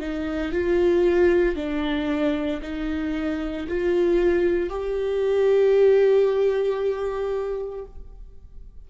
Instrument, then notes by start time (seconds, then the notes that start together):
viola
0.00 D#4
0.52 F4
1.56 D4
2.62 D#4
3.68 F4
4.70 G4